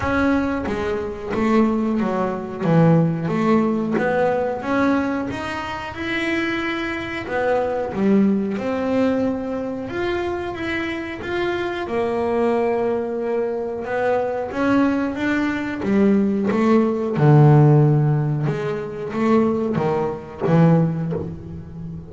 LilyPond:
\new Staff \with { instrumentName = "double bass" } { \time 4/4 \tempo 4 = 91 cis'4 gis4 a4 fis4 | e4 a4 b4 cis'4 | dis'4 e'2 b4 | g4 c'2 f'4 |
e'4 f'4 ais2~ | ais4 b4 cis'4 d'4 | g4 a4 d2 | gis4 a4 dis4 e4 | }